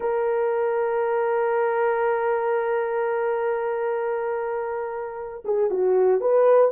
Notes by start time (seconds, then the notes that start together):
0.00 A#4
5.45 G#4
5.70 F#4
6.20 B4